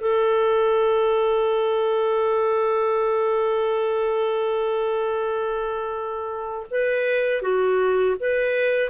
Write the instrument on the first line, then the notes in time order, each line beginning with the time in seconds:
clarinet
0.00 A4
6.70 B4
7.42 F#4
8.20 B4